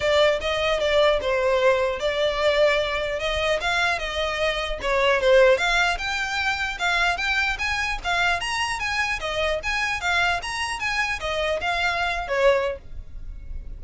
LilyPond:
\new Staff \with { instrumentName = "violin" } { \time 4/4 \tempo 4 = 150 d''4 dis''4 d''4 c''4~ | c''4 d''2. | dis''4 f''4 dis''2 | cis''4 c''4 f''4 g''4~ |
g''4 f''4 g''4 gis''4 | f''4 ais''4 gis''4 dis''4 | gis''4 f''4 ais''4 gis''4 | dis''4 f''4.~ f''16 cis''4~ cis''16 | }